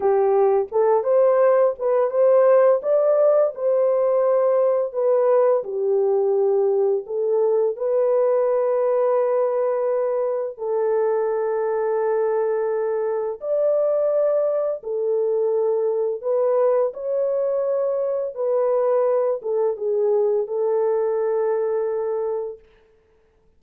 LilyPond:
\new Staff \with { instrumentName = "horn" } { \time 4/4 \tempo 4 = 85 g'4 a'8 c''4 b'8 c''4 | d''4 c''2 b'4 | g'2 a'4 b'4~ | b'2. a'4~ |
a'2. d''4~ | d''4 a'2 b'4 | cis''2 b'4. a'8 | gis'4 a'2. | }